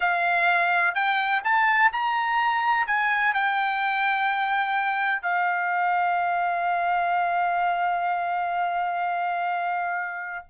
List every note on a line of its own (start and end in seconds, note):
0.00 0.94 F5
0.94 1.42 G5
1.44 1.91 A5
1.92 2.87 A#5
2.87 3.33 G#5
3.33 5.22 G5
5.22 10.45 F5